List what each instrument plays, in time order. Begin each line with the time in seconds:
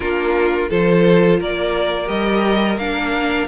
0.00 cello A#3, viola D4, violin F4 A#4
0.69 cello F3, viola F4, violin A4 C5
1.39 cello A#3, violin A#4 D5
2.05 cello G3, viola G4, violin D#5
2.77 cello A#3, viola D4, violin F5